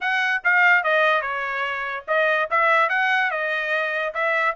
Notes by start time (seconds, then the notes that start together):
0.01 F#5
0.43 F5
0.83 D#5
1.21 C#5
2.07 D#5
2.50 E5
2.89 F#5
3.30 D#5
4.13 E5